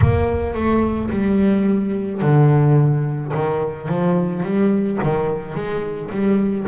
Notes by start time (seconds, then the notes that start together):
0.01 A#3
0.54 A3
1.10 G3
2.21 D3
3.33 D#3
3.88 F3
4.42 G3
5.03 D#3
5.55 G#3
6.11 G3